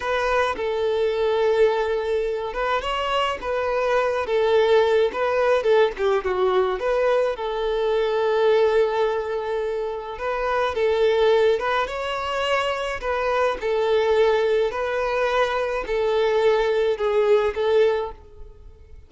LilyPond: \new Staff \with { instrumentName = "violin" } { \time 4/4 \tempo 4 = 106 b'4 a'2.~ | a'8 b'8 cis''4 b'4. a'8~ | a'4 b'4 a'8 g'8 fis'4 | b'4 a'2.~ |
a'2 b'4 a'4~ | a'8 b'8 cis''2 b'4 | a'2 b'2 | a'2 gis'4 a'4 | }